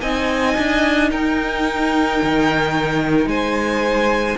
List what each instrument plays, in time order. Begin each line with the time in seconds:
0.00 cello C4, viola D#4, violin D#5 G#5
0.57 cello D4
1.10 cello D#4, violin A#4 G5
2.22 cello D#3
3.26 cello G#3, violin C5 G#5